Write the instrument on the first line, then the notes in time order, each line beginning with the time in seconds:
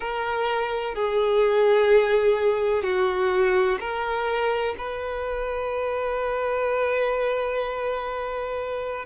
violin
0.00 A#4
0.94 G#4
2.83 F#4
3.80 A#4
4.77 B4